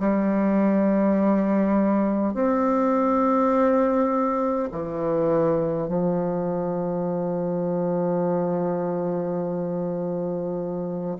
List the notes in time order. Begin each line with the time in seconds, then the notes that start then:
0.00 G3
2.34 C4
4.72 E3
5.88 F3